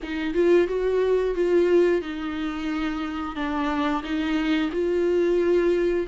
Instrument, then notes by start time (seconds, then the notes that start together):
viola
0.02 D#4
0.34 F4
0.67 F#4
1.34 F4
2.01 D#4
3.35 D4
4.03 D#4
4.72 F4